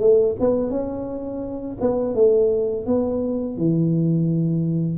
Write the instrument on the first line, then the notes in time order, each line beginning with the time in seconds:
tuba
0.00 A3
0.40 B3
0.70 C#4
1.81 B3
2.15 A3
2.86 B3
3.57 E3